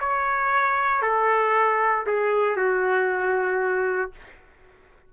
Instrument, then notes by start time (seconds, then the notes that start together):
trumpet
0.00 C#5
1.03 A4
2.06 G#4
2.56 F#4